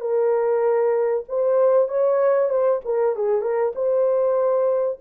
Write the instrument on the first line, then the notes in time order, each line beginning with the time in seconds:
horn
0.00 A#4
1.28 C5
1.88 C#5
2.49 C5
2.85 A#4
3.15 G#4
3.41 A#4
3.75 C5